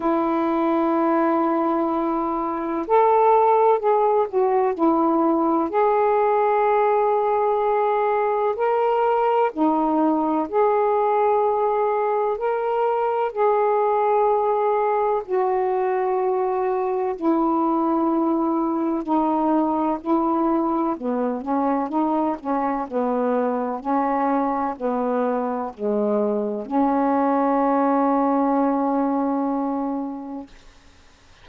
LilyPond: \new Staff \with { instrumentName = "saxophone" } { \time 4/4 \tempo 4 = 63 e'2. a'4 | gis'8 fis'8 e'4 gis'2~ | gis'4 ais'4 dis'4 gis'4~ | gis'4 ais'4 gis'2 |
fis'2 e'2 | dis'4 e'4 b8 cis'8 dis'8 cis'8 | b4 cis'4 b4 gis4 | cis'1 | }